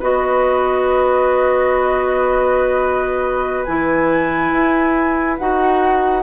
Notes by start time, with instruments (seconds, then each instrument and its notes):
0.00 bassoon B3, clarinet F#4, oboe B4, flute D#5
3.64 bassoon E3, clarinet E4, flute G#5
4.52 bassoon E4
5.39 bassoon D#4, clarinet F#4, flute F#5